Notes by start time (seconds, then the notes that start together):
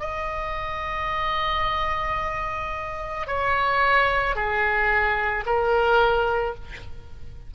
0.00 D#5
3.27 C#5
4.35 G#4
5.46 A#4